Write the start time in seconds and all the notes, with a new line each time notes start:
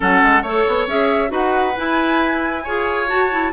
0.00 F#3 C#4 A4 F#5
0.22 G#3
0.42 A3 A4 C#5
0.67 B3
0.86 C#4 G#4 E5
1.28 D#4 F#4 B4 F#5
1.76 E4 G#5
2.64 F4 G#4 C#5
3.06 F#4 A5
3.30 E4